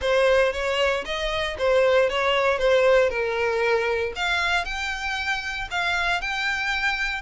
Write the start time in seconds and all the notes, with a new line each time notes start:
0.01 C5
0.52 C#5
1.05 D#5
1.58 C5
2.09 C#5
2.58 C5
3.09 A#4
4.15 F5
4.65 G5
5.70 F5
6.21 G5